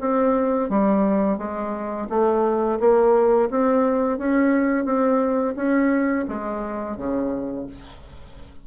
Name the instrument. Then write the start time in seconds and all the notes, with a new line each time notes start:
bassoon
0.00 C4
0.69 G3
1.38 G#3
2.09 A3
2.79 A#3
3.50 C4
4.18 C#4
4.85 C4
5.55 C#4
6.28 G#3
6.96 C#3